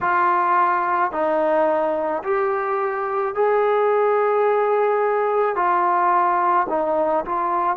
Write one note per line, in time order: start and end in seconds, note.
0.00 1.11 F4
1.11 2.22 D#4
2.23 3.34 G4
3.34 5.55 G#4
5.55 6.66 F4
6.69 7.24 D#4
7.25 7.76 F4